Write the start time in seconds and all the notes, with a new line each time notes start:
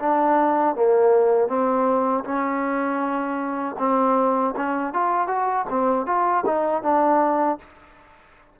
0.00 D4
0.76 A#3
1.48 C4
2.24 C#4
3.79 C4
4.57 C#4
4.94 F4
5.28 F#4
5.70 C4
6.06 F4
6.46 D#4
6.83 D4